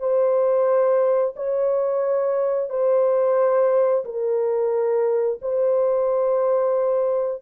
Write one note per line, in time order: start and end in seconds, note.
0.00 1.35 C5
1.36 2.70 C#5
2.70 4.05 C5
4.05 5.40 A#4
5.41 7.42 C5